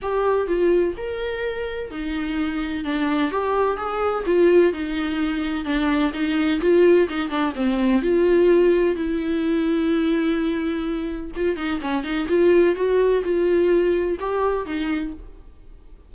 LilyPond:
\new Staff \with { instrumentName = "viola" } { \time 4/4 \tempo 4 = 127 g'4 f'4 ais'2 | dis'2 d'4 g'4 | gis'4 f'4 dis'2 | d'4 dis'4 f'4 dis'8 d'8 |
c'4 f'2 e'4~ | e'1 | f'8 dis'8 cis'8 dis'8 f'4 fis'4 | f'2 g'4 dis'4 | }